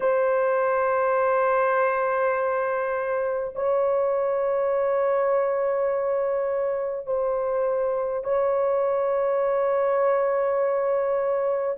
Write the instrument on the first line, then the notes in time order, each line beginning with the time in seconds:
horn
0.00 C5
3.55 C#5
7.06 C5
8.24 C#5